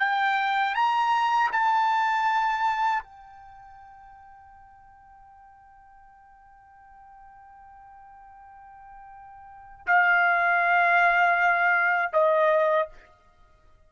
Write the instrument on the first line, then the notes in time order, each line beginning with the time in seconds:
trumpet
0.00 G5
0.75 A#5
1.52 A5
3.03 G5
9.87 F5
12.13 D#5